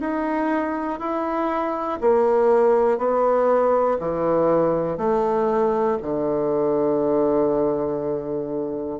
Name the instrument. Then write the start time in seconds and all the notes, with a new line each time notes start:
bassoon
0.00 D#4
1.00 E4
2.00 A#3
2.98 B3
4.00 E3
4.98 A3
6.02 D3